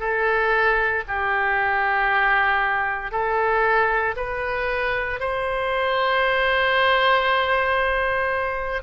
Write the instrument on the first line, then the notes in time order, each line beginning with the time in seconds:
oboe
0.00 A4
1.08 G4
3.12 A4
4.17 B4
5.20 C5